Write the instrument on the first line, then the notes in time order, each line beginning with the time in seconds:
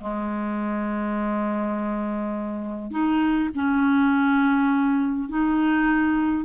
clarinet
0.00 G#3
2.90 D#4
3.55 C#4
5.29 D#4